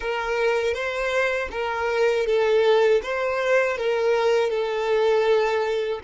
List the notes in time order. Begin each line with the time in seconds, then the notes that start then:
0.00 A#4
0.74 C5
1.51 A#4
2.26 A4
3.02 C5
3.77 A#4
4.50 A4